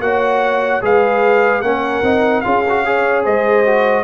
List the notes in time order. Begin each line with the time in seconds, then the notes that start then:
0.00 A#3 F#4 C#5 F#5
0.81 G#3 G#4 B4 F5
1.61 A#3 C#4 A#4 F#5
2.02 C4 D#4
2.41 C#4 F4 G#4 F5
2.69 F#4
2.85 G#4 C#5
3.24 G#3 C5 D#5
3.66 F#4